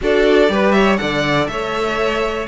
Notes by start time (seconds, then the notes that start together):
0.01 D4 F#4 A4 D5
0.48 G3 G4 B4
0.71 C#5 E5
0.97 D3 A4 D5 F#5
1.47 A3 C#5 E5